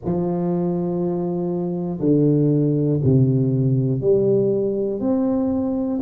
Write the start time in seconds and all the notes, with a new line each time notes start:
0.05 F3
2.00 D3
3.04 C3
4.00 G3
5.00 C4